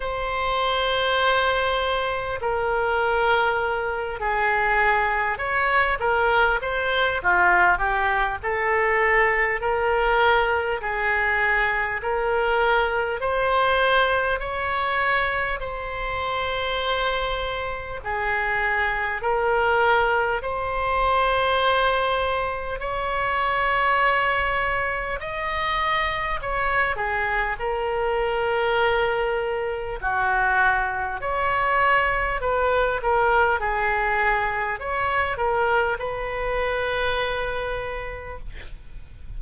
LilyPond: \new Staff \with { instrumentName = "oboe" } { \time 4/4 \tempo 4 = 50 c''2 ais'4. gis'8~ | gis'8 cis''8 ais'8 c''8 f'8 g'8 a'4 | ais'4 gis'4 ais'4 c''4 | cis''4 c''2 gis'4 |
ais'4 c''2 cis''4~ | cis''4 dis''4 cis''8 gis'8 ais'4~ | ais'4 fis'4 cis''4 b'8 ais'8 | gis'4 cis''8 ais'8 b'2 | }